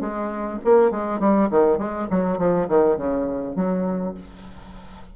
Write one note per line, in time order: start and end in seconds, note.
0.00 0.59 G#3
0.64 0.90 A#3
0.90 1.19 G#3
1.19 1.49 G3
1.50 1.78 D#3
1.78 2.07 G#3
2.10 2.38 F#3
2.38 2.67 F3
2.68 2.97 D#3
2.97 3.55 C#3
3.55 4.14 F#3